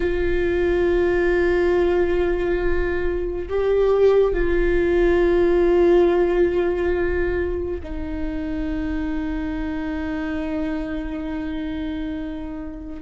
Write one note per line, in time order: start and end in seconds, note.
0.00 3.48 F4
3.49 4.33 G4
4.33 7.81 F4
7.83 13.01 D#4